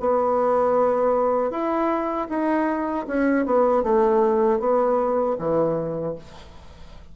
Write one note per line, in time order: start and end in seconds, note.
0.00 1.51 B3
1.51 2.28 E4
2.29 3.06 D#4
3.07 3.45 C#4
3.45 3.83 B3
3.83 4.59 A3
4.59 5.36 B3
5.38 6.15 E3